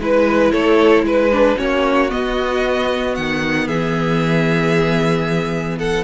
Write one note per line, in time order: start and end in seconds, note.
0.00 0.53 G#3
0.00 1.32 E4
0.00 0.52 B4
0.52 1.03 A3
0.52 1.05 A4
0.52 1.05 C#5
1.03 1.55 G#3
1.03 1.57 B4
1.03 1.58 B4
1.32 1.57 D4
1.57 2.12 A#3
1.57 2.09 C#4
1.57 3.67 F#4
1.57 2.11 C#5
2.10 6.04 B3
2.10 3.18 B3
2.10 3.15 D#5
3.15 3.68 D#3
3.15 3.68 F#5
3.67 6.04 E3
3.67 5.77 G#4
3.67 5.79 E5
5.79 6.04 A4
5.79 6.04 F#5